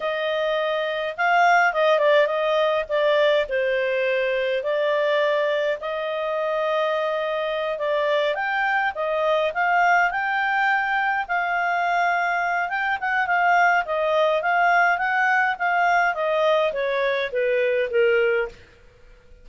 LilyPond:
\new Staff \with { instrumentName = "clarinet" } { \time 4/4 \tempo 4 = 104 dis''2 f''4 dis''8 d''8 | dis''4 d''4 c''2 | d''2 dis''2~ | dis''4. d''4 g''4 dis''8~ |
dis''8 f''4 g''2 f''8~ | f''2 g''8 fis''8 f''4 | dis''4 f''4 fis''4 f''4 | dis''4 cis''4 b'4 ais'4 | }